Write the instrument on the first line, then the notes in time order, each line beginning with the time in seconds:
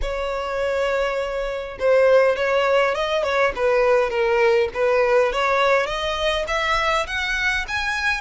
violin
0.01 C#5
1.79 C5
2.36 C#5
2.94 D#5
3.23 C#5
3.55 B4
4.10 A#4
4.74 B4
5.32 C#5
5.86 D#5
6.47 E5
7.06 F#5
7.68 G#5